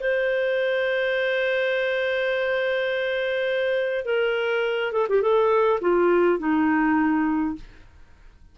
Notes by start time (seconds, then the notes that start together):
0.00 C5
4.05 A#4
4.92 A4
5.09 G4
5.22 A4
5.81 F4
6.39 D#4